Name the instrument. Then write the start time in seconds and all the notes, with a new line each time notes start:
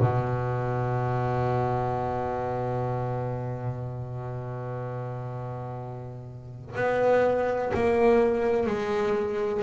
double bass
0.00 B2
6.76 B3
7.74 A#3
8.67 G#3